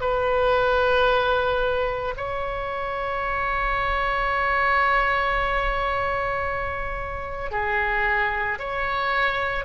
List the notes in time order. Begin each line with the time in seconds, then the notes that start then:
0.00 B4
2.17 C#5
7.51 G#4
8.59 C#5